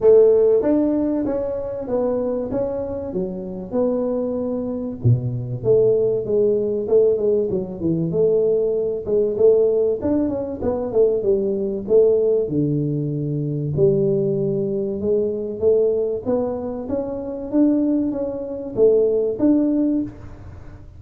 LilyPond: \new Staff \with { instrumentName = "tuba" } { \time 4/4 \tempo 4 = 96 a4 d'4 cis'4 b4 | cis'4 fis4 b2 | b,4 a4 gis4 a8 gis8 | fis8 e8 a4. gis8 a4 |
d'8 cis'8 b8 a8 g4 a4 | d2 g2 | gis4 a4 b4 cis'4 | d'4 cis'4 a4 d'4 | }